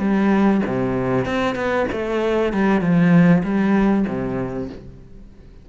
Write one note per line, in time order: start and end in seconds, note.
0.00 0.62 G3
0.67 1.26 C3
1.26 1.56 C4
1.56 1.87 B3
1.92 2.54 A3
2.54 2.81 G3
2.81 3.43 F3
3.44 4.06 G3
4.08 4.70 C3